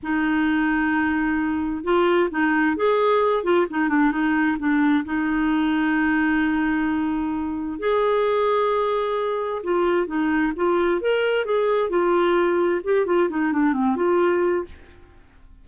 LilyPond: \new Staff \with { instrumentName = "clarinet" } { \time 4/4 \tempo 4 = 131 dis'1 | f'4 dis'4 gis'4. f'8 | dis'8 d'8 dis'4 d'4 dis'4~ | dis'1~ |
dis'4 gis'2.~ | gis'4 f'4 dis'4 f'4 | ais'4 gis'4 f'2 | g'8 f'8 dis'8 d'8 c'8 f'4. | }